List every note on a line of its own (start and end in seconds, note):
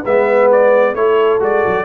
0.00 0.94 G#3
0.00 0.91 B4
0.00 0.50 E5
0.06 0.96 B3
0.52 0.95 D5
0.94 1.40 A3
0.94 1.40 E4
0.94 1.84 A4
0.94 1.40 C#5
1.40 1.63 G#3
1.40 1.84 F#4
1.40 1.84 D5
1.66 1.84 F#3